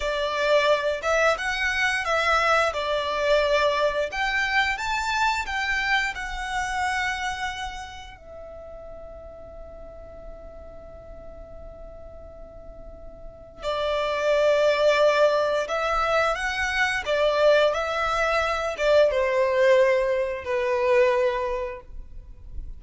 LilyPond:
\new Staff \with { instrumentName = "violin" } { \time 4/4 \tempo 4 = 88 d''4. e''8 fis''4 e''4 | d''2 g''4 a''4 | g''4 fis''2. | e''1~ |
e''1 | d''2. e''4 | fis''4 d''4 e''4. d''8 | c''2 b'2 | }